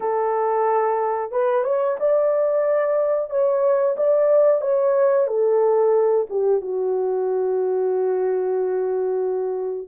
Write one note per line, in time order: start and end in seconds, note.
0.00 1.31 A4
1.31 1.63 B4
1.63 1.96 C#5
1.99 3.30 D5
3.30 3.96 C#5
3.96 4.61 D5
4.61 5.27 C#5
5.27 6.26 A4
6.29 6.61 G4
6.61 9.88 F#4